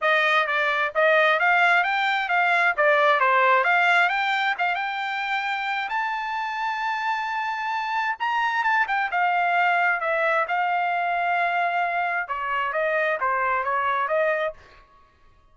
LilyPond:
\new Staff \with { instrumentName = "trumpet" } { \time 4/4 \tempo 4 = 132 dis''4 d''4 dis''4 f''4 | g''4 f''4 d''4 c''4 | f''4 g''4 f''8 g''4.~ | g''4 a''2.~ |
a''2 ais''4 a''8 g''8 | f''2 e''4 f''4~ | f''2. cis''4 | dis''4 c''4 cis''4 dis''4 | }